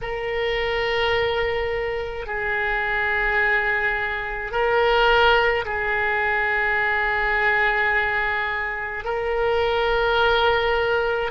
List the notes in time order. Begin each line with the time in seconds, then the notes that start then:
0.01 A#4
2.26 G#4
4.51 A#4
5.64 G#4
9.04 A#4